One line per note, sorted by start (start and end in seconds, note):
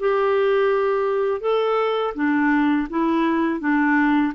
0.00 1.41 G4
1.41 2.14 A4
2.15 2.88 D4
2.90 3.60 E4
3.60 4.33 D4